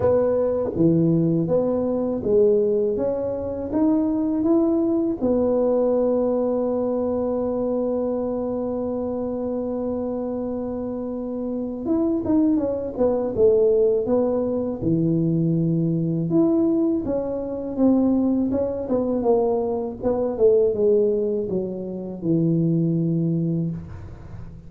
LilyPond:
\new Staff \with { instrumentName = "tuba" } { \time 4/4 \tempo 4 = 81 b4 e4 b4 gis4 | cis'4 dis'4 e'4 b4~ | b1~ | b1 |
e'8 dis'8 cis'8 b8 a4 b4 | e2 e'4 cis'4 | c'4 cis'8 b8 ais4 b8 a8 | gis4 fis4 e2 | }